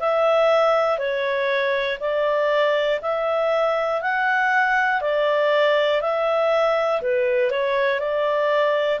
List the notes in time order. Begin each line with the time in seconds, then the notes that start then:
0.00 E5
0.98 C#5
2.00 D5
3.01 E5
4.01 F#5
5.01 D5
6.01 E5
7.01 B4
7.50 C#5
8.00 D5